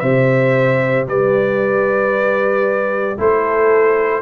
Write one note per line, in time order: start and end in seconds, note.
0.00 1.07 C3
0.00 3.18 G4
0.00 1.08 C5
0.00 1.05 E5
1.07 3.18 G3
1.07 3.19 B4
1.07 3.20 D5
3.18 4.23 A3
3.18 4.23 E4
3.18 4.23 A4
3.18 4.23 C5